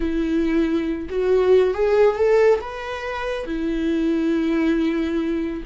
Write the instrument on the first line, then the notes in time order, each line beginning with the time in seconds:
viola
0.00 E4
1.09 F#4
1.74 G#4
2.15 A4
2.60 B4
3.45 E4